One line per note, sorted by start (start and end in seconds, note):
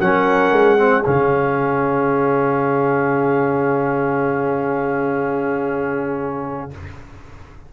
0.00 0.52 F#3
0.00 0.78 C#4
0.00 0.79 A#4
0.00 1.06 F#5
0.52 1.04 G#3
0.78 1.04 C4
0.78 6.73 G#4
1.05 6.73 C#3
1.05 6.71 C#4
1.05 6.71 F5